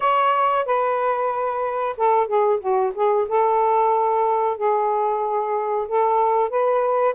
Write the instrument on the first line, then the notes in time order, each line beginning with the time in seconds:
saxophone
0.00 C#5
0.65 B4
1.97 A4
2.27 G#4
2.60 F#4
2.95 G#4
3.28 A4
4.57 G#4
5.88 A4
6.49 B4